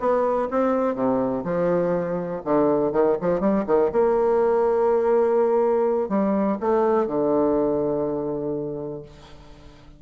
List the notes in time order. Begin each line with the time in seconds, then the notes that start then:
0.00 B3
0.51 C4
0.95 C3
1.45 F3
2.45 D3
2.93 D#3
3.21 F3
3.41 G3
3.67 D#3
3.92 A#3
6.09 G3
6.60 A3
7.08 D3